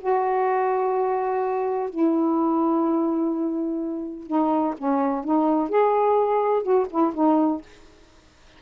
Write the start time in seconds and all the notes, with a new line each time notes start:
0.00 F#4
1.90 E4
4.27 D#4
4.78 C#4
5.25 D#4
5.69 G#4
6.63 F#4
6.90 E4
7.14 D#4